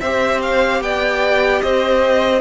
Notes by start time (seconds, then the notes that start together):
0.00 C4 G4 C5 E5
0.42 F5
0.81 B3 D5 G5
1.61 C4 C5 D#5